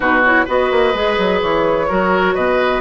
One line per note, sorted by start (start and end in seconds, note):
0.00 0.46 B2
0.00 0.21 D#4
0.00 0.45 F#4
0.00 0.23 B4
0.24 0.47 E4
0.24 0.48 C#5
0.45 0.71 B3
0.45 0.94 F#4
0.45 1.87 B4
0.45 1.41 D#5
0.71 0.94 A#3
0.94 1.17 G#3
0.94 1.88 G#4
1.17 1.41 F#3
1.41 1.89 E3
1.41 2.35 C#5
1.88 2.35 F#3
1.88 2.81 F#4
1.88 2.34 A#4
2.34 2.81 B2
2.34 2.81 B4
2.34 2.81 D#5